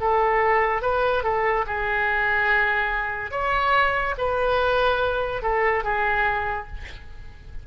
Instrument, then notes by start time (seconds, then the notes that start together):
oboe
0.00 A4
0.81 B4
1.23 A4
1.67 G#4
3.31 C#5
4.18 B4
5.42 A4
5.83 G#4